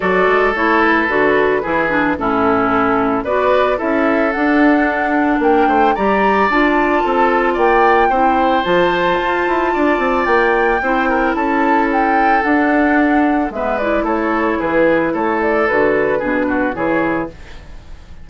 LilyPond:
<<
  \new Staff \with { instrumentName = "flute" } { \time 4/4 \tempo 4 = 111 d''4 cis''8 b'2~ b'8 | a'2 d''4 e''4 | fis''2 g''4 ais''4 | a''2 g''2 |
a''2. g''4~ | g''4 a''4 g''4 fis''4~ | fis''4 e''8 d''8 cis''4 b'4 | cis''8 d''8 b'2 cis''4 | }
  \new Staff \with { instrumentName = "oboe" } { \time 4/4 a'2. gis'4 | e'2 b'4 a'4~ | a'2 ais'8 c''8 d''4~ | d''4 a'4 d''4 c''4~ |
c''2 d''2 | c''8 ais'8 a'2.~ | a'4 b'4 a'4 gis'4 | a'2 gis'8 fis'8 gis'4 | }
  \new Staff \with { instrumentName = "clarinet" } { \time 4/4 fis'4 e'4 fis'4 e'8 d'8 | cis'2 fis'4 e'4 | d'2. g'4 | f'2. e'4 |
f'1 | e'2. d'4~ | d'4 b8 e'2~ e'8~ | e'4 fis'4 d'4 e'4 | }
  \new Staff \with { instrumentName = "bassoon" } { \time 4/4 fis8 gis8 a4 d4 e4 | a,2 b4 cis'4 | d'2 ais8 a8 g4 | d'4 c'4 ais4 c'4 |
f4 f'8 e'8 d'8 c'8 ais4 | c'4 cis'2 d'4~ | d'4 gis4 a4 e4 | a4 d4 b,4 e4 | }
>>